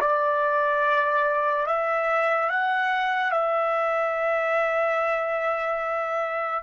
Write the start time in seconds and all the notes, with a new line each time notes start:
0.00 D5
1.66 E5
2.49 F#5
3.31 E5